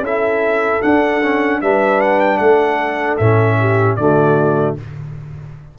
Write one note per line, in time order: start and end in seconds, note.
0.00 0.79 C#4
0.00 0.82 E4
0.00 1.62 A4
0.00 0.82 E5
0.82 1.22 D4
0.82 1.62 D4
0.82 1.61 F#5
1.23 1.63 C#4
1.62 2.40 G3
1.62 3.21 D4
1.62 2.39 B4
1.62 2.01 E5
2.01 2.21 F#5
2.21 2.38 G5
2.38 3.19 A3
2.38 3.57 A4
2.38 3.17 F#5
3.18 3.98 A2
3.18 3.99 C#4
3.18 3.96 E5
3.60 4.00 G4
3.96 4.77 D3
3.96 4.78 A3
3.96 4.79 F#4
3.96 4.75 D5